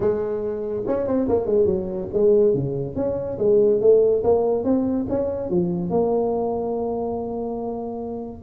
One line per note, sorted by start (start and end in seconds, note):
0.00 0.83 G#3
0.87 1.07 C#4
1.07 1.28 C4
1.28 1.46 A#3
1.46 1.65 G#3
1.65 2.07 F#3
2.13 2.54 G#3
2.54 2.95 C#3
2.95 3.38 C#4
3.38 3.80 G#3
3.80 4.23 A3
4.23 4.64 A#3
4.64 5.06 C4
5.09 5.49 C#4
5.49 5.89 F3
5.89 8.42 A#3